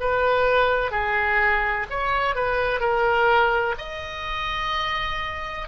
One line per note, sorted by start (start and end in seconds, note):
0.00 0.91 B4
0.91 1.87 G#4
1.90 2.35 C#5
2.35 2.80 B4
2.80 3.75 A#4
3.78 5.68 D#5